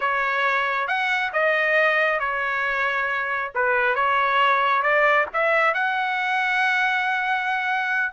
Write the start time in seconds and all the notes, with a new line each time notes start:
0.00 C#5
0.87 F#5
1.33 D#5
2.19 C#5
3.54 B4
3.95 C#5
4.82 D5
5.33 E5
5.74 F#5